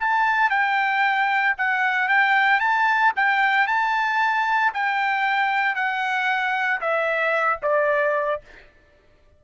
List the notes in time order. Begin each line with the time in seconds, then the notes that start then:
0.00 A5
0.50 G5
1.58 F#5
2.09 G5
2.60 A5
3.16 G5
3.67 A5
4.74 G5
5.75 F#5
6.81 E5
7.62 D5